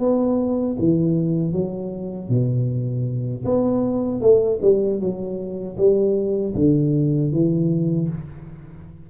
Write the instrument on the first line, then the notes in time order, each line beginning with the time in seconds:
tuba
0.00 B3
0.79 E3
1.53 F#3
2.29 B2
3.45 B3
4.21 A3
4.62 G3
5.00 F#3
5.78 G3
6.55 D3
7.33 E3